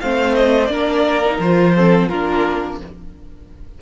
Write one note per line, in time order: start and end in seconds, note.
0.00 0.68 A3
0.00 0.70 C4
0.00 0.71 C5
0.00 0.35 F5
0.35 0.65 D#5
0.65 1.38 A#3
0.65 1.22 D4
0.65 1.75 A#4
0.65 1.35 D5
1.25 1.42 D#4
1.39 2.08 F3
1.39 1.76 F4
1.39 2.08 C5
1.75 2.11 C4
1.75 2.08 A4
2.08 2.81 A#3
2.08 2.81 D4
2.08 2.78 F4
2.08 2.78 A#4